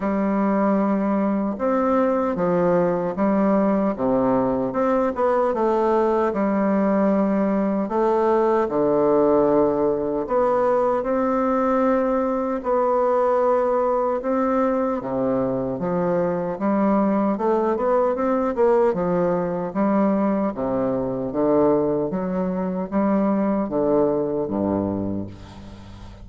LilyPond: \new Staff \with { instrumentName = "bassoon" } { \time 4/4 \tempo 4 = 76 g2 c'4 f4 | g4 c4 c'8 b8 a4 | g2 a4 d4~ | d4 b4 c'2 |
b2 c'4 c4 | f4 g4 a8 b8 c'8 ais8 | f4 g4 c4 d4 | fis4 g4 d4 g,4 | }